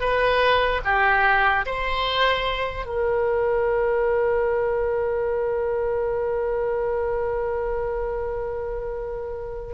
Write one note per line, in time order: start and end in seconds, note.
0.00 0.81 B4
0.84 1.65 G4
1.66 2.86 C5
2.86 9.73 A#4